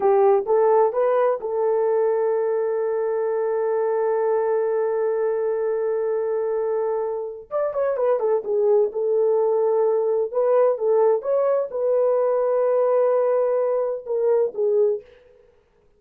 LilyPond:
\new Staff \with { instrumentName = "horn" } { \time 4/4 \tempo 4 = 128 g'4 a'4 b'4 a'4~ | a'1~ | a'1~ | a'1 |
d''8 cis''8 b'8 a'8 gis'4 a'4~ | a'2 b'4 a'4 | cis''4 b'2.~ | b'2 ais'4 gis'4 | }